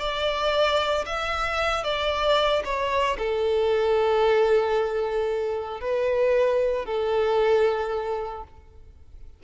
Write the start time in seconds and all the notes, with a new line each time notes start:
0.00 D5
1.06 E5
1.84 D5
2.65 C#5
3.18 A4
5.81 B4
6.86 A4